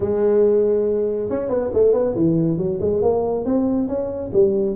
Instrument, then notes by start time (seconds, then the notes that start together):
tuba
0.00 G#3
1.29 C#4
1.49 B3
1.73 A3
1.93 B3
2.15 E3
2.57 F#3
2.80 G#3
3.02 A#3
3.45 C4
3.88 C#4
4.33 G3